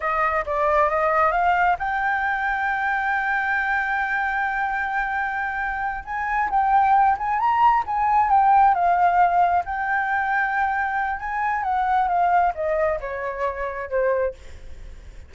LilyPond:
\new Staff \with { instrumentName = "flute" } { \time 4/4 \tempo 4 = 134 dis''4 d''4 dis''4 f''4 | g''1~ | g''1~ | g''4. gis''4 g''4. |
gis''8 ais''4 gis''4 g''4 f''8~ | f''4. g''2~ g''8~ | g''4 gis''4 fis''4 f''4 | dis''4 cis''2 c''4 | }